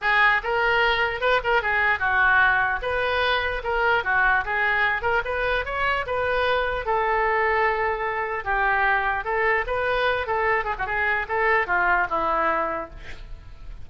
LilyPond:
\new Staff \with { instrumentName = "oboe" } { \time 4/4 \tempo 4 = 149 gis'4 ais'2 b'8 ais'8 | gis'4 fis'2 b'4~ | b'4 ais'4 fis'4 gis'4~ | gis'8 ais'8 b'4 cis''4 b'4~ |
b'4 a'2.~ | a'4 g'2 a'4 | b'4. a'4 gis'16 fis'16 gis'4 | a'4 f'4 e'2 | }